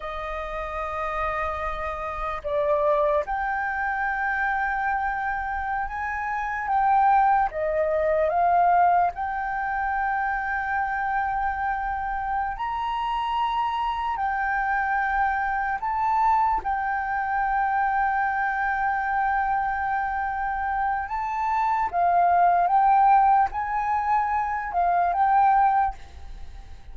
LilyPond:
\new Staff \with { instrumentName = "flute" } { \time 4/4 \tempo 4 = 74 dis''2. d''4 | g''2.~ g''16 gis''8.~ | gis''16 g''4 dis''4 f''4 g''8.~ | g''2.~ g''8 ais''8~ |
ais''4. g''2 a''8~ | a''8 g''2.~ g''8~ | g''2 a''4 f''4 | g''4 gis''4. f''8 g''4 | }